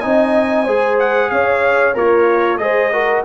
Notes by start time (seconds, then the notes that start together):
0.00 C4 D#4 D#5 G#5
0.64 G#3 G#4 C5
0.99 F#5
1.30 C#4 C#5 F5
1.94 A#3 F4 A#4 C#5
2.57 G#3 G#4 C5 D#5
2.92 F#4 A#4